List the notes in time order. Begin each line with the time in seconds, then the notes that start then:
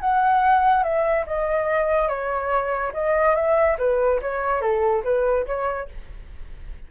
0.00 F#5
0.83 E5
1.26 D#5
2.08 C#5
2.93 D#5
3.35 E5
3.78 B4
4.21 C#5
4.61 A4
5.04 B4
5.46 C#5